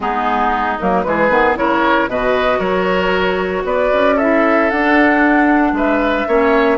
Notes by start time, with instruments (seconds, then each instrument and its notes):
0.00 bassoon G#3, clarinet B3, oboe D#4, flute G#4
0.80 bassoon F#3, clarinet A#3, flute A#4
1.03 bassoon E3, clarinet G#3, oboe G#4, flute B4
1.30 bassoon D#3, clarinet B3
1.56 bassoon C#3, clarinet E4, oboe A#4, flute C#5
2.07 bassoon B2, clarinet F#4, oboe B4, flute D#5
2.58 bassoon F#3, oboe A#4, flute C#5
3.63 bassoon B3, oboe B4, flute D5
3.93 bassoon C#4
4.15 clarinet E4, oboe A4, flute E5
4.70 bassoon D4, clarinet D4, flute F#5
5.72 bassoon G#3, oboe B4, flute E5
6.27 bassoon A#3, clarinet C#4, oboe C#5